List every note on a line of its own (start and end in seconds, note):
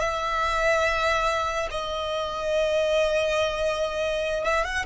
0.00 1.69 E5
1.71 4.44 D#5
4.44 4.65 E5
4.65 4.86 F#5